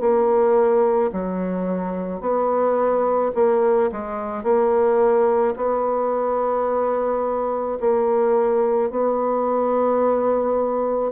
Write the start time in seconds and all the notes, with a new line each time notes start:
0.00 A#3
1.12 F#3
2.21 B3
3.35 A#3
3.92 G#3
4.43 A#3
5.57 B3
7.80 A#3
8.90 B3